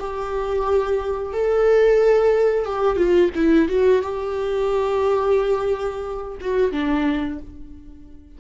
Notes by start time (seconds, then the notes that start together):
0.00 G4
1.34 A4
2.66 G4
2.97 F4
3.36 E4
3.69 F#4
4.02 G4
6.41 F#4
6.72 D4